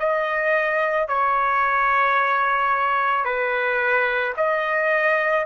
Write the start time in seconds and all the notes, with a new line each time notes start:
0.00 D#5
1.08 C#5
3.25 B4
4.37 D#5